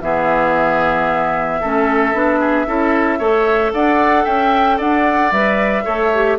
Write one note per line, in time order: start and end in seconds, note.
0.00 1.60 E3
0.00 1.62 B3
0.00 1.60 G#4
0.00 3.72 E5
1.60 2.13 A3
1.60 2.13 C#4
1.60 2.39 A4
2.13 2.66 B3
2.13 2.66 D4
2.39 2.66 G#4
2.67 3.19 C#4
2.67 3.19 E4
2.67 3.18 A4
3.18 3.72 A3
3.18 5.31 A4
3.18 3.71 C#5
3.73 4.26 D4
3.73 4.24 D5
3.73 4.25 F#5
4.24 4.79 C#4
4.24 4.77 E5
4.24 4.78 G5
4.77 5.31 D4
4.77 5.83 D5
4.77 5.32 F#5
5.31 5.84 G3
5.31 5.84 B4
5.31 6.38 E5
5.84 6.38 A3
5.84 6.10 A4
5.84 6.37 C#5
6.14 6.38 G4